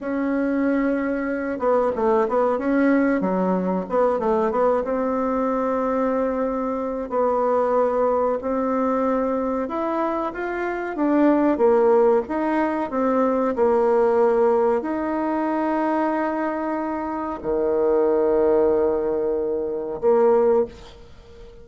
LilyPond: \new Staff \with { instrumentName = "bassoon" } { \time 4/4 \tempo 4 = 93 cis'2~ cis'8 b8 a8 b8 | cis'4 fis4 b8 a8 b8 c'8~ | c'2. b4~ | b4 c'2 e'4 |
f'4 d'4 ais4 dis'4 | c'4 ais2 dis'4~ | dis'2. dis4~ | dis2. ais4 | }